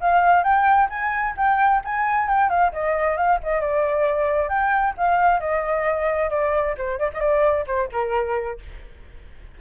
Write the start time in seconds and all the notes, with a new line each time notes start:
0.00 F5
0.43 G5
0.89 G#5
1.37 G5
1.84 G#5
2.28 G5
2.49 F5
2.72 D#5
3.16 F5
3.43 D#5
3.60 D5
4.48 G5
4.97 F5
5.40 D#5
6.30 D5
6.77 C5
6.99 D5
7.13 D#5
7.20 D5
7.67 C5
7.92 A#4